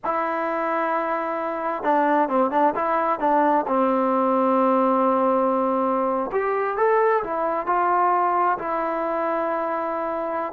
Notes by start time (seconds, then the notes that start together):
0.04 E4
1.83 D4
2.29 C4
2.51 D4
2.75 E4
3.19 D4
3.67 C4
6.32 G4
6.77 A4
7.23 E4
7.66 F4
8.58 E4